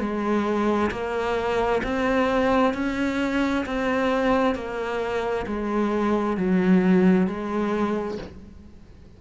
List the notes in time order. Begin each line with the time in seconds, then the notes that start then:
0.00 G#3
0.91 A#3
1.83 C4
2.74 C#4
3.66 C4
4.55 A#3
5.47 G#3
6.37 F#3
7.27 G#3